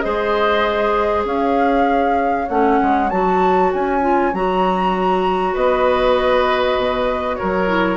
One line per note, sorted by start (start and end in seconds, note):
0.00 1.24 G#3
0.00 2.47 G#4
0.00 1.27 C5
0.00 1.22 D#5
1.24 2.47 C#4
1.24 5.53 C#5
1.24 2.48 F5
2.48 2.80 A3
2.48 3.10 C#4
2.48 3.09 F#5
2.82 3.11 G#3
3.09 3.73 F#3
3.09 4.01 F#4
3.09 3.70 A5
3.73 4.33 C#4
3.73 4.34 G#5
4.01 4.32 F4
4.33 5.55 F#3
4.33 7.67 F#4
4.33 5.55 A#5
5.53 6.77 B3
5.53 7.37 B4
5.53 7.35 D#5
6.77 7.38 B2
7.35 7.96 A#4
7.35 7.96 C#5
7.42 7.96 F#3
7.67 7.96 E4